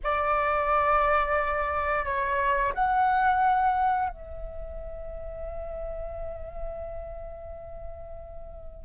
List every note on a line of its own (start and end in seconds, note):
0.03 2.04 D5
2.04 2.72 C#5
2.74 4.09 F#5
4.09 8.85 E5